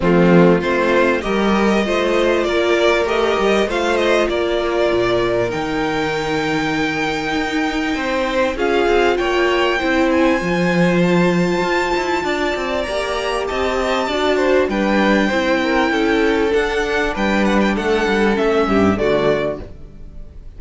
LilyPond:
<<
  \new Staff \with { instrumentName = "violin" } { \time 4/4 \tempo 4 = 98 f'4 c''4 dis''2 | d''4 dis''4 f''8 dis''8 d''4~ | d''4 g''2.~ | g''2 f''4 g''4~ |
g''8 gis''4. a''2~ | a''4 ais''4 a''2 | g''2. fis''4 | g''8 fis''16 g''16 fis''4 e''4 d''4 | }
  \new Staff \with { instrumentName = "violin" } { \time 4/4 c'4 f'4 ais'4 c''4 | ais'2 c''4 ais'4~ | ais'1~ | ais'4 c''4 gis'4 cis''4 |
c''1 | d''2 dis''4 d''8 c''8 | b'4 c''8 ais'8 a'2 | b'4 a'4. g'8 fis'4 | }
  \new Staff \with { instrumentName = "viola" } { \time 4/4 a4 c'4 g'4 f'4~ | f'4 g'4 f'2~ | f'4 dis'2.~ | dis'2 f'2 |
e'4 f'2.~ | f'4 g'2 fis'4 | d'4 e'2 d'4~ | d'2 cis'4 a4 | }
  \new Staff \with { instrumentName = "cello" } { \time 4/4 f4 a4 g4 a4 | ais4 a8 g8 a4 ais4 | ais,4 dis2. | dis'4 c'4 cis'8 c'8 ais4 |
c'4 f2 f'8 e'8 | d'8 c'8 ais4 c'4 d'4 | g4 c'4 cis'4 d'4 | g4 a8 g8 a8 g,8 d4 | }
>>